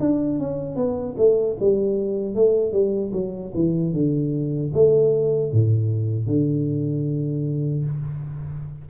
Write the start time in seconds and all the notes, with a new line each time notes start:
0.00 D4
0.39 C#4
0.76 B3
1.18 A3
1.60 G3
2.35 A3
2.72 G3
3.13 F#3
3.55 E3
3.93 D3
4.74 A3
5.53 A2
6.27 D3